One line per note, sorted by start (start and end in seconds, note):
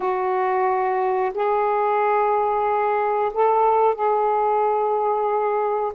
0.00 1.32 F#4
1.34 3.31 G#4
3.33 3.94 A4
3.94 5.92 G#4